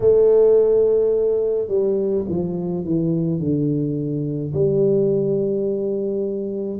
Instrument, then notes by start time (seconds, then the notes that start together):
tuba
0.00 A3
1.67 G3
2.28 F3
2.84 E3
3.39 D3
4.53 G3